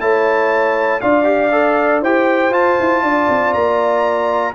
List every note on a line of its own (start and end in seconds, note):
0.00 1.01 A3
0.00 1.01 E4
0.00 1.01 C#5
0.00 1.00 A5
1.00 2.01 D4
1.00 1.23 F4
1.00 2.01 D5
1.00 2.01 F5
1.23 1.49 G4
1.51 2.02 A4
2.01 2.50 E4
2.01 2.51 G4
2.01 3.02 C5
2.01 2.53 G5
2.50 2.75 F4
2.50 4.53 F4
2.50 3.53 A5
2.79 3.02 E4
3.02 3.28 D4
3.02 4.54 D5
3.28 3.54 C4
3.53 4.55 A#3
3.53 4.54 A#5